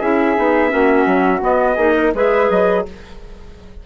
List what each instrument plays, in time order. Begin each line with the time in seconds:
0.00 bassoon C#4, clarinet E4, flute G#4, trumpet E5
0.36 bassoon B3, clarinet D#4
0.69 bassoon A#3, clarinet C#4, flute F#4
1.06 bassoon F#3
1.42 clarinet B3, bassoon B3, trumpet D#5
1.75 bassoon A#3, clarinet D#4, flute G#4
1.96 flute A#4
2.14 bassoon G#3, clarinet G#4, flute B4, trumpet E5
2.50 bassoon F#3, trumpet D#5